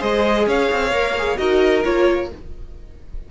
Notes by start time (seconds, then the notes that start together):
0.00 G#3 G#4 C5 D#5
0.47 C#4 C#5 F5
0.72 C4
0.92 A#3 A#4
1.18 G#4
1.37 D#4 F#4 A#4 D#5
1.84 A#3 F4 C#5